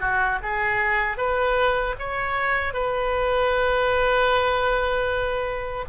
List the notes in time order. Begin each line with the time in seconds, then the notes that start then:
0.00 F#4
0.43 G#4
1.17 B4
1.99 C#5
2.74 B4